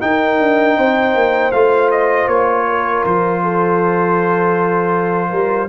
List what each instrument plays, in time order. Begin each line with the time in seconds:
0.00 trombone D#4, tuba D#4, horn A#4, trumpet G5
0.39 tuba D4
0.77 tuba C4, horn C5
1.15 tuba A#3
1.52 tuba A3, trombone F4, trumpet F5
1.91 trumpet D#5
2.27 tuba A#3, trumpet C#5
2.69 horn A#4
3.05 tuba F3, trumpet C5
3.42 horn A4
5.29 tuba G3, horn A#4